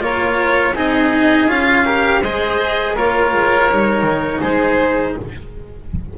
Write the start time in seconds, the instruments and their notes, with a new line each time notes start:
0.00 double bass A#3, cello F4, oboe A#4, violin C#5
0.74 double bass C4, cello D#4, oboe G#4, violin D#5
1.47 double bass C#4, cello F4, violin F5
1.85 cello G4, oboe A#4
2.22 double bass G#3, cello G#4, oboe C5, violin D#5
2.95 double bass A#3, cello F4, oboe A#4, violin C#5
3.33 double bass G#3
3.70 double bass G3, cello D#4
4.02 double bass D#3
4.40 double bass G#3, oboe G#4, violin C5